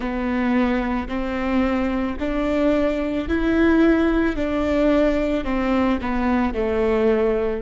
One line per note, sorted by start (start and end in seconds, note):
0.00 1.07 B3
1.08 2.17 C4
2.19 3.28 D4
3.28 4.36 E4
4.36 5.44 D4
5.44 5.99 C4
6.01 6.54 B3
6.54 7.61 A3